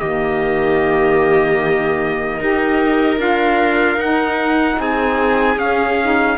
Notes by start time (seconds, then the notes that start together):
0.00 D#3 A#3 G4 D#5
2.38 D#4 G4 A#4
3.17 D4 F4 F5
3.97 D#4 F#5
4.79 C4 G#4 G#5
5.57 C#4 F5
6.02 D#4